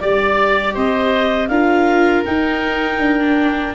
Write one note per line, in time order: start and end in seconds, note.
0.00 0.76 G3
0.00 1.50 G4
0.00 0.75 D5
0.00 0.74 D5
0.74 1.49 C4
0.74 1.49 C5
0.74 1.48 D#5
1.48 2.24 D4
1.48 2.25 F4
1.48 3.75 A#4
1.48 2.23 F5
2.25 3.19 D#4
2.25 2.99 D#4
2.25 3.75 G5
2.99 3.74 D4
3.20 3.75 D4